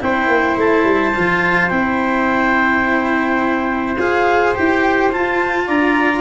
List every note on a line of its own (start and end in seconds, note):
0.00 0.27 C4
0.00 1.13 E4
0.00 5.67 C5
0.00 0.58 G5
0.27 0.55 A#3
0.56 0.83 A3
0.56 1.69 A5
0.83 1.12 G3
1.15 1.71 F3
1.15 1.70 F4
1.69 3.97 C4
1.69 3.96 E4
1.69 3.95 G5
3.97 4.54 F4
3.97 4.54 G#4
3.97 4.54 F5
4.54 5.14 E4
4.54 5.11 G4
4.54 5.11 G5
5.11 6.21 F4
5.11 5.68 F4
5.11 5.67 A5
5.67 6.21 D4
5.67 6.21 D5
5.67 6.21 A#5